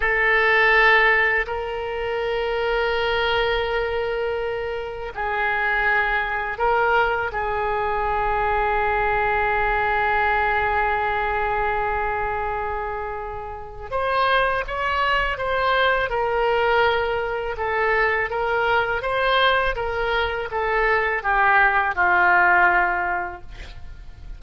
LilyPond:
\new Staff \with { instrumentName = "oboe" } { \time 4/4 \tempo 4 = 82 a'2 ais'2~ | ais'2. gis'4~ | gis'4 ais'4 gis'2~ | gis'1~ |
gis'2. c''4 | cis''4 c''4 ais'2 | a'4 ais'4 c''4 ais'4 | a'4 g'4 f'2 | }